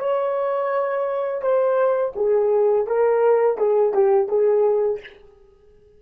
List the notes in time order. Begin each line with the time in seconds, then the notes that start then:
0.00 C#5
1.42 C5
2.16 G#4
2.87 A#4
3.58 G#4
3.94 G4
4.29 G#4